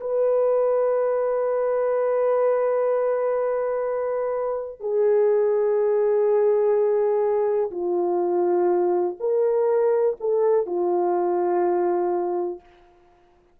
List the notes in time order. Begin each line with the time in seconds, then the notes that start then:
0.00 B4
4.80 G#4
7.71 F4
9.20 A#4
10.20 A4
10.66 F4